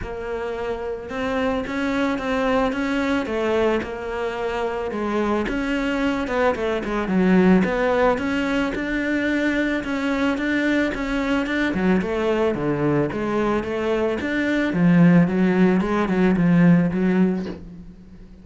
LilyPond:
\new Staff \with { instrumentName = "cello" } { \time 4/4 \tempo 4 = 110 ais2 c'4 cis'4 | c'4 cis'4 a4 ais4~ | ais4 gis4 cis'4. b8 | a8 gis8 fis4 b4 cis'4 |
d'2 cis'4 d'4 | cis'4 d'8 fis8 a4 d4 | gis4 a4 d'4 f4 | fis4 gis8 fis8 f4 fis4 | }